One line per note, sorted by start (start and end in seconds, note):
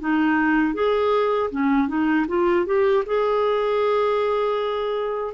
0.00 0.74 D#4
0.74 1.50 G#4
1.51 1.88 C#4
1.88 2.26 D#4
2.28 2.66 F4
2.66 3.04 G4
3.06 5.34 G#4